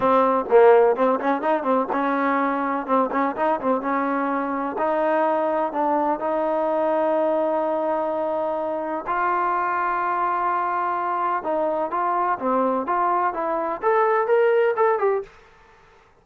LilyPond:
\new Staff \with { instrumentName = "trombone" } { \time 4/4 \tempo 4 = 126 c'4 ais4 c'8 cis'8 dis'8 c'8 | cis'2 c'8 cis'8 dis'8 c'8 | cis'2 dis'2 | d'4 dis'2.~ |
dis'2. f'4~ | f'1 | dis'4 f'4 c'4 f'4 | e'4 a'4 ais'4 a'8 g'8 | }